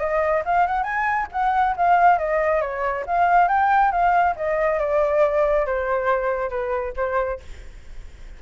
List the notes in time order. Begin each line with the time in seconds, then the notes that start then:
0.00 D#5
0.45 F5
0.67 F#5
0.84 G#5
1.32 F#5
1.77 F5
2.19 D#5
2.62 C#5
3.07 F5
3.49 G5
3.92 F5
4.37 D#5
4.79 D5
5.66 C5
6.50 B4
6.97 C5